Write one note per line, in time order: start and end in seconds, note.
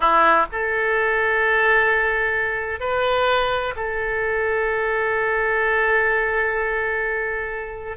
0.00 0.45 E4
0.52 2.80 A4
2.80 3.74 B4
3.75 7.97 A4